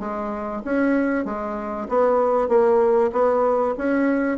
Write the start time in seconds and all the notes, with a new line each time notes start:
0.00 G#3
0.65 C#4
1.26 G#3
1.89 B3
2.49 A#3
3.13 B3
3.78 C#4